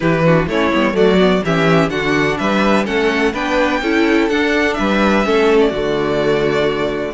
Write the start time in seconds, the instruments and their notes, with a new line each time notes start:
0.00 cello E3, viola E4, violin G4 B4
0.24 viola D4, violin F#4
0.46 cello A3, viola C#4, violin E4 C#5
0.72 cello G3, viola B3
0.93 cello F#3, viola A3, violin F#4 D5
1.18 viola B3
1.44 cello E3, viola C#4, violin G4 E5
1.89 cello D3, viola D4, violin F#4 F#5
2.37 cello G3, violin B4 E5
2.84 cello A3, viola C#4, violin A4 F#5
3.32 cello B3, viola D4, violin B4 G5
3.81 cello C#4, viola E4, violin A4
4.29 cello D4, viola D4, violin F#5
4.73 cello G3, violin B4 E5
5.24 cello A3, viola C#4, violin A4
5.60 violin D5
5.69 cello D3, viola A3, violin F#4